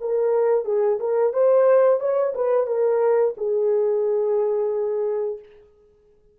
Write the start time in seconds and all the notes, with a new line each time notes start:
0.00 A#4
0.65 G#4
1.00 A#4
1.33 C5
2.00 C#5
2.34 B4
2.67 A#4
3.37 G#4